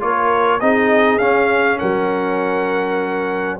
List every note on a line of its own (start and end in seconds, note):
0.00 0.61 A#3
0.00 0.60 F4
0.00 0.62 A#4
0.00 0.60 C#5
0.60 1.18 C4
0.60 1.20 D#4
0.60 1.78 G#4
0.60 1.18 D#5
1.18 1.78 C#4
1.18 3.60 C#4
1.18 1.78 F5
1.78 3.60 F#3
1.78 3.58 A#4
1.78 3.59 F#5